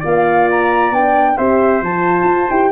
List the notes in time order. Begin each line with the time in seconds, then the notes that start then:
0.00 A#3 F4 D5 F5
0.51 A#5
0.91 B3 D4 G5
1.37 C4 G4 C5 E5
1.82 F3 F4 A5
2.24 F4
2.50 E4 G4 G5